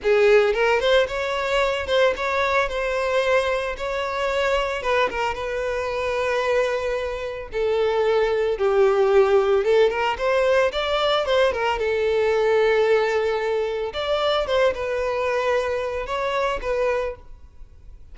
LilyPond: \new Staff \with { instrumentName = "violin" } { \time 4/4 \tempo 4 = 112 gis'4 ais'8 c''8 cis''4. c''8 | cis''4 c''2 cis''4~ | cis''4 b'8 ais'8 b'2~ | b'2 a'2 |
g'2 a'8 ais'8 c''4 | d''4 c''8 ais'8 a'2~ | a'2 d''4 c''8 b'8~ | b'2 cis''4 b'4 | }